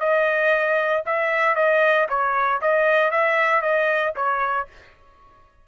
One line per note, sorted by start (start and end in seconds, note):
0.00 1.03 D#5
1.06 1.56 E5
1.56 2.08 D#5
2.09 2.61 C#5
2.62 3.11 D#5
3.11 3.62 E5
3.62 4.14 D#5
4.16 4.68 C#5